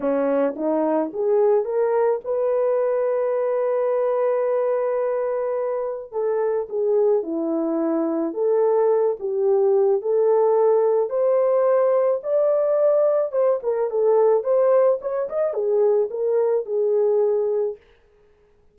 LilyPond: \new Staff \with { instrumentName = "horn" } { \time 4/4 \tempo 4 = 108 cis'4 dis'4 gis'4 ais'4 | b'1~ | b'2. a'4 | gis'4 e'2 a'4~ |
a'8 g'4. a'2 | c''2 d''2 | c''8 ais'8 a'4 c''4 cis''8 dis''8 | gis'4 ais'4 gis'2 | }